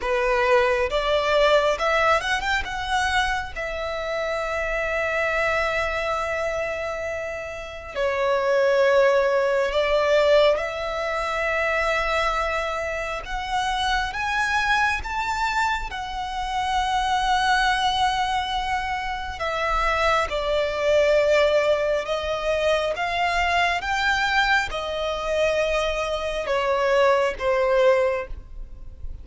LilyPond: \new Staff \with { instrumentName = "violin" } { \time 4/4 \tempo 4 = 68 b'4 d''4 e''8 fis''16 g''16 fis''4 | e''1~ | e''4 cis''2 d''4 | e''2. fis''4 |
gis''4 a''4 fis''2~ | fis''2 e''4 d''4~ | d''4 dis''4 f''4 g''4 | dis''2 cis''4 c''4 | }